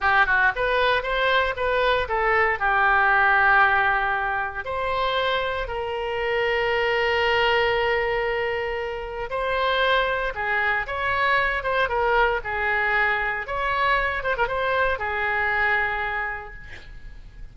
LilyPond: \new Staff \with { instrumentName = "oboe" } { \time 4/4 \tempo 4 = 116 g'8 fis'8 b'4 c''4 b'4 | a'4 g'2.~ | g'4 c''2 ais'4~ | ais'1~ |
ais'2 c''2 | gis'4 cis''4. c''8 ais'4 | gis'2 cis''4. c''16 ais'16 | c''4 gis'2. | }